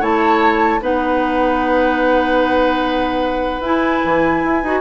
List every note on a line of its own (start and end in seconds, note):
0.00 0.81 A3
0.00 0.81 E4
0.00 0.80 C#5
0.00 0.82 A5
0.81 3.60 B3
0.81 3.61 D#4
0.81 4.81 B4
0.81 3.63 F#5
3.60 4.00 E4
3.60 4.64 E4
3.60 4.81 G#5
4.04 4.44 E3
4.44 4.63 E4
4.63 4.81 D#4
4.63 4.81 F#4